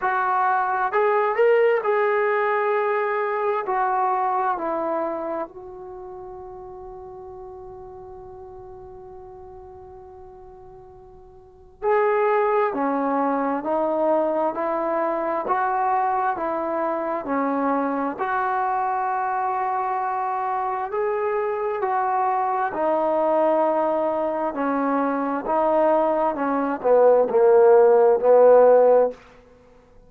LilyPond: \new Staff \with { instrumentName = "trombone" } { \time 4/4 \tempo 4 = 66 fis'4 gis'8 ais'8 gis'2 | fis'4 e'4 fis'2~ | fis'1~ | fis'4 gis'4 cis'4 dis'4 |
e'4 fis'4 e'4 cis'4 | fis'2. gis'4 | fis'4 dis'2 cis'4 | dis'4 cis'8 b8 ais4 b4 | }